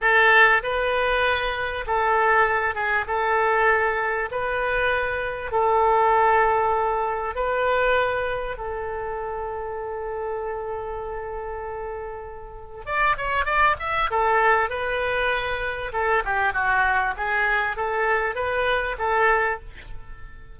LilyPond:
\new Staff \with { instrumentName = "oboe" } { \time 4/4 \tempo 4 = 98 a'4 b'2 a'4~ | a'8 gis'8 a'2 b'4~ | b'4 a'2. | b'2 a'2~ |
a'1~ | a'4 d''8 cis''8 d''8 e''8 a'4 | b'2 a'8 g'8 fis'4 | gis'4 a'4 b'4 a'4 | }